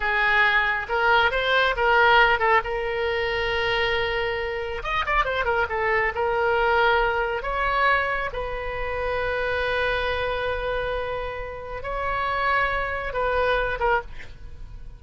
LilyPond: \new Staff \with { instrumentName = "oboe" } { \time 4/4 \tempo 4 = 137 gis'2 ais'4 c''4 | ais'4. a'8 ais'2~ | ais'2. dis''8 d''8 | c''8 ais'8 a'4 ais'2~ |
ais'4 cis''2 b'4~ | b'1~ | b'2. cis''4~ | cis''2 b'4. ais'8 | }